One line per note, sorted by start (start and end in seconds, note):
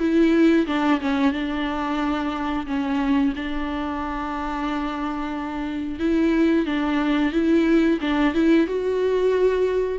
0.00 0.67 E4
0.67 1.01 D4
1.02 1.33 C#4
1.33 2.67 D4
2.67 3.34 C#4
3.36 6.00 D4
6.00 6.66 E4
6.66 7.33 D4
7.33 7.99 E4
8.02 8.35 D4
8.35 8.68 E4
8.68 9.99 F#4